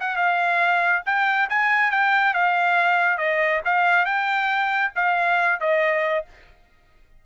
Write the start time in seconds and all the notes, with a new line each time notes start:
0.00 F#5
0.16 F5
1.05 G5
1.49 G#5
1.91 G5
2.33 F5
3.18 D#5
3.65 F5
4.05 G5
4.95 F5
5.60 D#5